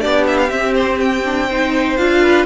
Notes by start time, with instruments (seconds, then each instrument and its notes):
0.00 cello B3, viola D4, violin G4 D5
0.28 violin E5
0.38 violin F5
0.50 viola C4, cello C4, violin E5
0.75 violin C5
1.01 violin G5
1.25 viola D4
1.49 viola D#4, violin C5
1.97 cello D4, viola F4, violin F5
2.23 violin B4